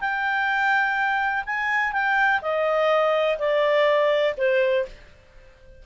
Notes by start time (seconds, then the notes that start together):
0.00 G5
1.46 G#5
1.92 G5
2.42 D#5
3.38 D5
4.37 C5